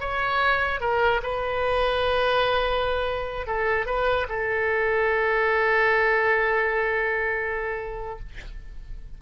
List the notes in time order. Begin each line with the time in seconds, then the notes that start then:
0.00 C#5
0.80 A#4
1.23 B4
3.47 A4
3.86 B4
4.29 A4